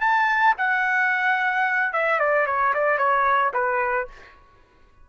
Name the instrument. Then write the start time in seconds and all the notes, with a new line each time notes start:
trumpet
0.00 A5
0.57 F#5
1.93 E5
2.19 D5
2.46 C#5
2.74 D5
2.98 C#5
3.54 B4